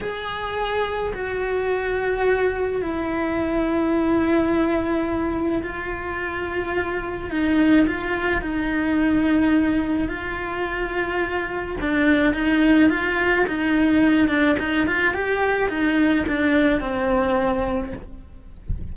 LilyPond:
\new Staff \with { instrumentName = "cello" } { \time 4/4 \tempo 4 = 107 gis'2 fis'2~ | fis'4 e'2.~ | e'2 f'2~ | f'4 dis'4 f'4 dis'4~ |
dis'2 f'2~ | f'4 d'4 dis'4 f'4 | dis'4. d'8 dis'8 f'8 g'4 | dis'4 d'4 c'2 | }